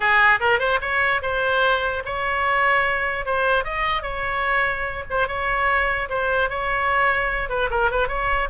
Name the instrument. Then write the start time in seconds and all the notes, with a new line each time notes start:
oboe
0.00 G#4
0.40 A#4
0.59 C5
0.81 C#5
1.22 C5
2.05 C#5
3.25 C5
3.64 D#5
4.02 C#5
5.10 C5
5.27 C#5
6.09 C5
6.49 C#5
7.49 B4
7.70 A#4
7.91 B4
8.08 C#5